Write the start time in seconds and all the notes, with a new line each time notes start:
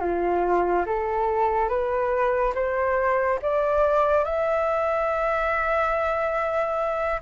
0.00 F4
0.86 A4
1.69 B4
2.55 C5
3.42 D5
4.24 E5